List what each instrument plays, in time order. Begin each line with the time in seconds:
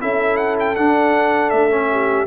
0.00 tuba C#4, trombone E4, horn A4, trumpet E5
0.37 trumpet F#5
0.60 trumpet G5
0.76 tuba D4, trombone D4, trumpet F#5
1.50 tuba A3, trumpet E5
1.70 trombone C#4
1.91 horn G4